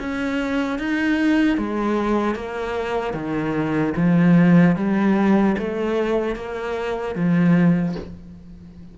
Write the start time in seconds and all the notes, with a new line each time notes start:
0.00 C#4
0.79 D#4
1.58 G#3
2.35 A#3
3.14 D#3
3.97 F3
4.76 G3
5.58 A3
6.36 A#3
7.15 F3